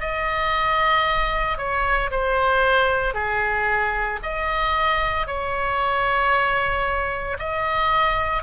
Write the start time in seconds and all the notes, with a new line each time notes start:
0.00 D#5
1.57 C#5
2.11 C5
3.14 G#4
4.22 D#5
5.26 C#5
7.39 D#5